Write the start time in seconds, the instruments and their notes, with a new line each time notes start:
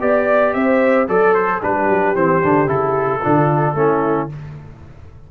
0.00 tuba B3, trombone G4, trumpet D5, horn D5
0.53 tuba C4, horn C5, trumpet E5
1.08 tuba F#3, horn A4, trombone A4, trumpet D5
1.34 trumpet C5
1.61 tuba G3, trombone D4, horn G4, trumpet B4
1.89 tuba F#3
2.15 tuba E3, trombone C4, trumpet C5
2.43 tuba D3, trombone D4
2.67 tuba C#3, trombone E4, trumpet A4
3.21 tuba D3, trombone D4, horn F4
3.74 tuba A3, trombone C#4, horn E4